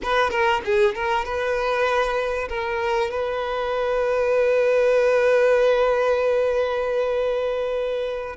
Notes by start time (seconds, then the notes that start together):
0.02 B4
0.30 A#4
0.64 G#4
0.94 A#4
1.24 B4
2.49 A#4
3.10 B4